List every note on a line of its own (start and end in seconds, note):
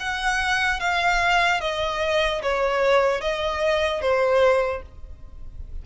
0.00 0.80 F#5
0.80 1.61 F5
1.61 2.42 D#5
2.43 3.21 C#5
3.21 4.01 D#5
4.01 4.82 C5